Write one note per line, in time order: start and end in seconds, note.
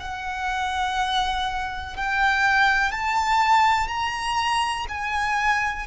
0.00 1.97 F#5
1.97 2.92 G5
2.92 3.88 A5
3.88 4.86 A#5
4.89 5.87 G#5